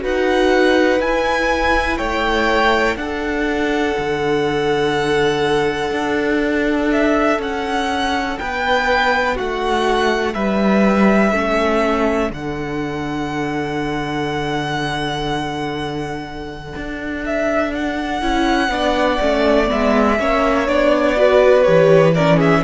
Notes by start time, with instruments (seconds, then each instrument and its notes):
0.00 cello D#4, viola F#4, violin B4 F#5
1.01 cello E4, viola E4, violin G#5
1.98 cello A3, violin C#5 G5
2.97 cello D4, viola D4, violin A4 F#5
3.99 cello D3
5.91 cello D4
6.93 violin E5
7.39 cello C#4, violin F#5
8.39 cello B3, violin B4 G5
9.36 cello A3, violin F#4 F#5
10.35 cello G3, violin B4 E5
11.32 cello A3, viola C#4, violin A4
12.31 cello D3, viola D4, violin F#5
16.76 cello D4
17.26 violin E5
17.75 violin F#5
18.22 cello C#4, viola E4
18.69 cello B3, viola D4, violin D5
19.22 cello A3, viola C#4
19.67 cello G#3, viola B3, violin E5
20.20 cello A#3, viola C#4, violin C#5
20.68 cello B3, viola D4, violin D5
21.17 viola F#4, violin B4
21.63 cello E3, viola G4, violin C#5
22.15 viola C#4, violin A#4 D5
22.37 violin G#4 E5